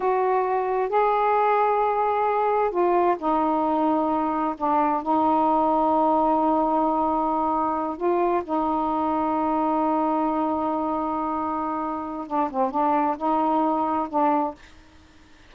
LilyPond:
\new Staff \with { instrumentName = "saxophone" } { \time 4/4 \tempo 4 = 132 fis'2 gis'2~ | gis'2 f'4 dis'4~ | dis'2 d'4 dis'4~ | dis'1~ |
dis'4. f'4 dis'4.~ | dis'1~ | dis'2. d'8 c'8 | d'4 dis'2 d'4 | }